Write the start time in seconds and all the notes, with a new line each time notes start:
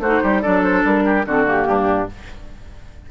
0.00 A3 D#4 F#4 C5
0.23 G3 G4
0.42 F#3 D4 A4 D5
0.63 C5
0.84 G3 A#4
1.05 G4
1.26 D3 C4 F#4 A4
1.45 A#3 G4
1.67 G2 D4